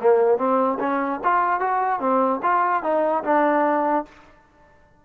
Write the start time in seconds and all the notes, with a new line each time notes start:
0.00 A#3
0.37 C4
0.79 C#4
1.23 F4
1.60 F#4
1.99 C4
2.42 F4
2.83 D#4
3.24 D4